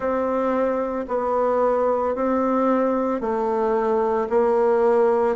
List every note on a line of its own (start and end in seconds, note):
0.00 1.05 C4
1.08 2.15 B3
2.15 3.20 C4
3.20 4.28 A3
4.29 5.35 A#3